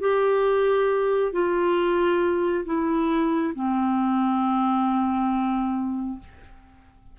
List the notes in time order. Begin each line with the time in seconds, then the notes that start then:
0.00 G4
1.32 F4
2.66 E4
3.55 C4